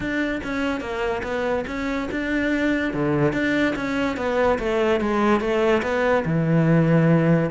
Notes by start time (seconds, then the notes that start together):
0.00 D4
0.43 C#4
0.80 A#3
1.23 B3
1.67 C#4
2.11 D4
2.93 D3
3.32 D4
3.75 C#4
4.16 B3
4.59 A3
5.00 G#3
5.40 A3
5.82 B3
6.25 E3